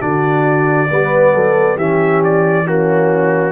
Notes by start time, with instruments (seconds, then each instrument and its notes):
0.00 tuba D3, trombone D4, horn F#4, trumpet D5
0.91 tuba G3, trombone B3, horn B4
1.34 tuba F#3, horn A4
1.77 tuba E3, trombone C#4, horn G4, trumpet E5
2.24 trumpet D5
2.65 trombone A#3, horn C#4, trumpet F#4